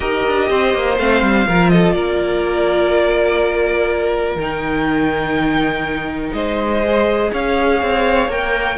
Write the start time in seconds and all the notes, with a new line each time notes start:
0.00 D#4 G4 A#4 D#5
0.27 D4
0.50 C4 C5
0.74 A#3
0.98 A3 C4 F5
1.21 G3
1.47 F3 F4 A#4
1.69 A4 D#5
1.92 A#3 A#4 D5
4.35 D#3 D#4 G5
6.32 G#3 C5 D#5
6.86 G#4
7.32 C#4 C#5 F5
7.82 C4
8.28 A#3 A#4 G5